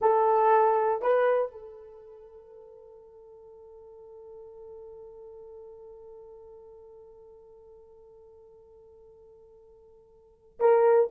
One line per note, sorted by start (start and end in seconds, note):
0.01 1.02 A4
1.02 1.51 B4
1.51 10.59 A4
10.59 11.10 A#4